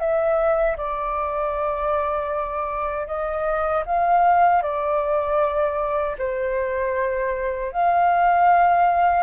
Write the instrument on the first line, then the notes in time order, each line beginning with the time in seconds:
flute
0.00 E5
0.77 D5
3.07 D#5
3.86 F5
4.63 D5
6.19 C5
7.72 F5